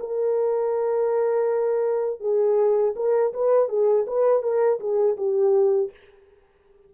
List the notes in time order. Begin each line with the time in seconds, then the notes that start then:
0.00 A#4
2.21 G#4
2.96 A#4
3.34 B4
3.69 G#4
4.07 B4
4.43 A#4
4.80 G#4
5.18 G4